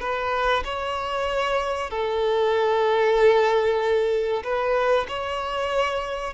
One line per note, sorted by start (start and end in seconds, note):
0.00 0.63 B4
0.64 1.90 C#5
1.90 4.43 A4
4.44 5.07 B4
5.08 6.33 C#5